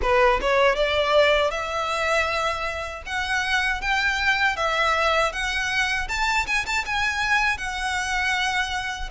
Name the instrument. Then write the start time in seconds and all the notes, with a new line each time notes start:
violin
0.02 B4
0.41 C#5
0.75 D5
1.51 E5
3.06 F#5
3.81 G5
4.56 E5
5.32 F#5
6.08 A5
6.46 G#5
6.66 A5
6.85 G#5
7.57 F#5